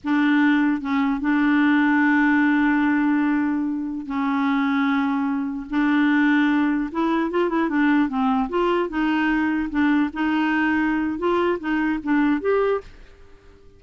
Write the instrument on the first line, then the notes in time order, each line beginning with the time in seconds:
clarinet
0.03 D4
0.81 C#4
1.20 D4
4.06 C#4
5.70 D4
6.91 E4
7.31 F4
7.49 E4
7.69 D4
8.08 C4
8.49 F4
8.89 D#4
9.70 D4
10.13 D#4
11.18 F4
11.59 D#4
12.03 D4
12.40 G4